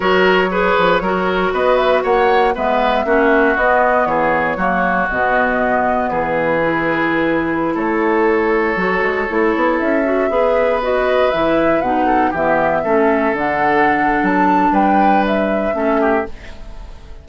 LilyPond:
<<
  \new Staff \with { instrumentName = "flute" } { \time 4/4 \tempo 4 = 118 cis''2. dis''8 e''8 | fis''4 e''2 dis''4 | cis''2 dis''2 | b'2.~ b'16 cis''8.~ |
cis''2.~ cis''16 e''8.~ | e''4~ e''16 dis''4 e''4 fis''8.~ | fis''16 e''2 fis''4.~ fis''16 | a''4 g''4 e''2 | }
  \new Staff \with { instrumentName = "oboe" } { \time 4/4 ais'4 b'4 ais'4 b'4 | cis''4 b'4 fis'2 | gis'4 fis'2. | gis'2.~ gis'16 a'8.~ |
a'1~ | a'16 b'2.~ b'8 a'16~ | a'16 g'4 a'2~ a'8.~ | a'4 b'2 a'8 g'8 | }
  \new Staff \with { instrumentName = "clarinet" } { \time 4/4 fis'4 gis'4 fis'2~ | fis'4 b4 cis'4 b4~ | b4 ais4 b2~ | b4 e'2.~ |
e'4~ e'16 fis'4 e'4. fis'16~ | fis'16 gis'4 fis'4 e'4 dis'8.~ | dis'16 b4 cis'4 d'4.~ d'16~ | d'2. cis'4 | }
  \new Staff \with { instrumentName = "bassoon" } { \time 4/4 fis4. f8 fis4 b4 | ais4 gis4 ais4 b4 | e4 fis4 b,2 | e2.~ e16 a8.~ |
a4~ a16 fis8 gis8 a8 b8 cis'8.~ | cis'16 b2 e4 b,8.~ | b,16 e4 a4 d4.~ d16 | fis4 g2 a4 | }
>>